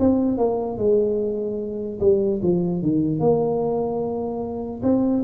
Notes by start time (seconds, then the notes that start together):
0.00 C4
0.38 A#3
0.78 G#3
2.00 G3
2.43 F3
2.82 D#3
3.20 A#3
4.83 C4